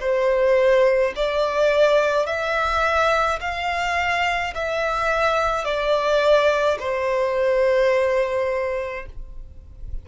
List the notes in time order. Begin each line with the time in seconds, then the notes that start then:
0.00 C5
1.16 D5
2.26 E5
3.40 F5
4.54 E5
5.64 D5
6.79 C5